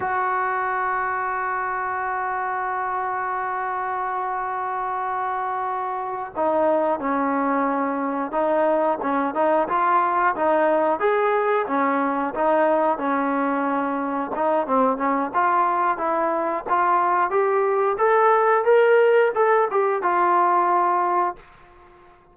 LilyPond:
\new Staff \with { instrumentName = "trombone" } { \time 4/4 \tempo 4 = 90 fis'1~ | fis'1~ | fis'4. dis'4 cis'4.~ | cis'8 dis'4 cis'8 dis'8 f'4 dis'8~ |
dis'8 gis'4 cis'4 dis'4 cis'8~ | cis'4. dis'8 c'8 cis'8 f'4 | e'4 f'4 g'4 a'4 | ais'4 a'8 g'8 f'2 | }